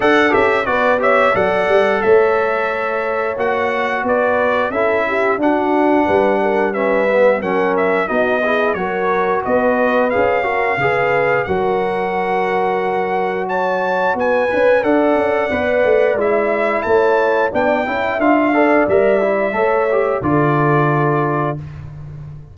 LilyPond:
<<
  \new Staff \with { instrumentName = "trumpet" } { \time 4/4 \tempo 4 = 89 fis''8 e''8 d''8 e''8 fis''4 e''4~ | e''4 fis''4 d''4 e''4 | fis''2 e''4 fis''8 e''8 | dis''4 cis''4 dis''4 f''4~ |
f''4 fis''2. | a''4 gis''4 fis''2 | e''4 a''4 g''4 f''4 | e''2 d''2 | }
  \new Staff \with { instrumentName = "horn" } { \time 4/4 a'4 b'8 cis''8 d''4 cis''4~ | cis''2 b'4 a'8 g'8 | fis'4 b'8 ais'8 b'4 ais'4 | fis'8 gis'8 ais'4 b'4. ais'8 |
b'4 ais'2. | cis''4 b'4 d''2~ | d''4 cis''4 d''8 e''4 d''8~ | d''4 cis''4 a'2 | }
  \new Staff \with { instrumentName = "trombone" } { \time 4/4 a'8 g'8 fis'8 g'8 a'2~ | a'4 fis'2 e'4 | d'2 cis'8 b8 cis'4 | dis'8 e'8 fis'2 gis'8 fis'8 |
gis'4 fis'2.~ | fis'4. b'8 a'4 b'4 | e'2 d'8 e'8 f'8 a'8 | ais'8 e'8 a'8 g'8 f'2 | }
  \new Staff \with { instrumentName = "tuba" } { \time 4/4 d'8 cis'8 b4 fis8 g8 a4~ | a4 ais4 b4 cis'4 | d'4 g2 fis4 | b4 fis4 b4 cis'4 |
cis4 fis2.~ | fis4 b8 cis'8 d'8 cis'8 b8 a8 | gis4 a4 b8 cis'8 d'4 | g4 a4 d2 | }
>>